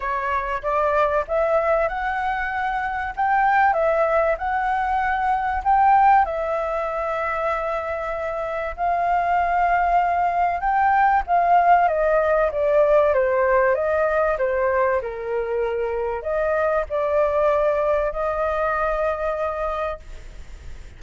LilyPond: \new Staff \with { instrumentName = "flute" } { \time 4/4 \tempo 4 = 96 cis''4 d''4 e''4 fis''4~ | fis''4 g''4 e''4 fis''4~ | fis''4 g''4 e''2~ | e''2 f''2~ |
f''4 g''4 f''4 dis''4 | d''4 c''4 dis''4 c''4 | ais'2 dis''4 d''4~ | d''4 dis''2. | }